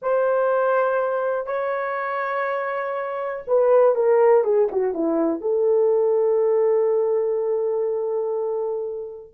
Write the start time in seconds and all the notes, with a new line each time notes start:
0.01 C5
1.46 C#5
3.47 B4
3.95 A#4
4.44 G#4
4.71 F#4
4.93 E4
5.41 A4